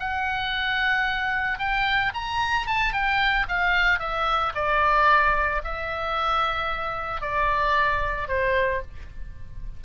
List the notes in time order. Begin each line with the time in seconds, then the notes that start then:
0.00 F#5
1.59 G5
2.14 A#5
2.67 A5
2.93 G5
3.49 F5
4.00 E5
4.55 D5
5.64 E5
7.22 D5
8.28 C5